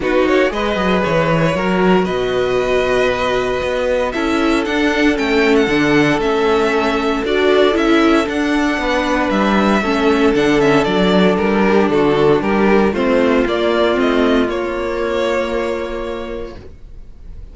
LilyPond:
<<
  \new Staff \with { instrumentName = "violin" } { \time 4/4 \tempo 4 = 116 b'8 cis''8 dis''4 cis''2 | dis''1 | e''4 fis''4 g''8. fis''4~ fis''16 | e''2 d''4 e''4 |
fis''2 e''2 | fis''8 e''8 d''4 ais'4 a'4 | ais'4 c''4 d''4 dis''4 | cis''1 | }
  \new Staff \with { instrumentName = "violin" } { \time 4/4 fis'4 b'2 ais'4 | b'1 | a'1~ | a'1~ |
a'4 b'2 a'4~ | a'2~ a'8 g'8 fis'4 | g'4 f'2.~ | f'1 | }
  \new Staff \with { instrumentName = "viola" } { \time 4/4 dis'4 gis'2 fis'4~ | fis'1 | e'4 d'4 cis'4 d'4 | cis'2 fis'4 e'4 |
d'2. cis'4 | d'8 cis'8 d'2.~ | d'4 c'4 ais4 c'4 | ais1 | }
  \new Staff \with { instrumentName = "cello" } { \time 4/4 b8 ais8 gis8 fis8 e4 fis4 | b,2. b4 | cis'4 d'4 a4 d4 | a2 d'4 cis'4 |
d'4 b4 g4 a4 | d4 fis4 g4 d4 | g4 a4 ais4 a4 | ais1 | }
>>